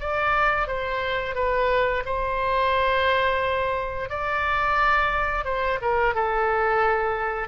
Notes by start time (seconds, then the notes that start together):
0.00 D5
0.68 C5
1.35 B4
2.05 C5
4.10 D5
5.45 C5
5.81 A#4
6.15 A4